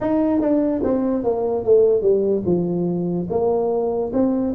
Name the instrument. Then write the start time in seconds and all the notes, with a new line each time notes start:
tuba
0.00 D#4
0.40 D4
0.83 C4
1.23 A#3
1.64 A3
2.01 G3
2.45 F3
3.30 A#3
4.13 C4